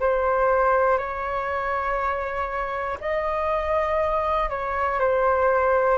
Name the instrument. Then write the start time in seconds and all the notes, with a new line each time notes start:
flute
0.00 C5
0.98 C#5
3.01 D#5
4.50 C#5
5.00 C5